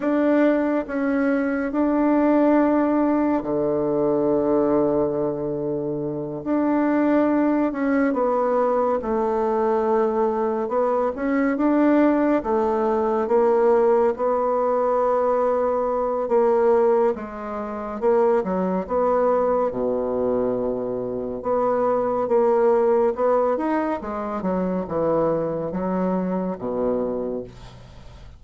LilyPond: \new Staff \with { instrumentName = "bassoon" } { \time 4/4 \tempo 4 = 70 d'4 cis'4 d'2 | d2.~ d8 d'8~ | d'4 cis'8 b4 a4.~ | a8 b8 cis'8 d'4 a4 ais8~ |
ais8 b2~ b8 ais4 | gis4 ais8 fis8 b4 b,4~ | b,4 b4 ais4 b8 dis'8 | gis8 fis8 e4 fis4 b,4 | }